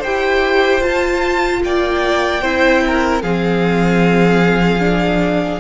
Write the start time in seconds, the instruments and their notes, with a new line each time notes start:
0.00 cello E4, viola G4, violin C5 G5
0.81 viola F4, cello F4, violin A5
1.64 cello A#3, violin D5 G5
2.42 cello C4, viola E4, violin C5
2.87 violin A#4
3.22 cello F3, viola C4, violin G#4 F5
4.80 viola D4